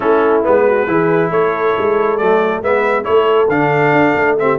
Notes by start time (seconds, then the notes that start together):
0.00 A3 C#4 E4 A4
0.43 G#3 B3 B4
0.67 F#4
0.87 E3 E4 G#4
1.30 A3 A4 C#5
1.78 G#3
2.17 F#3 A3 D5
2.61 G#3 B3 B4 E5
3.03 A3 E4 A4 C#5
3.48 D3 D4 F5
3.92 D4
4.14 A3
4.38 C4 G4 E5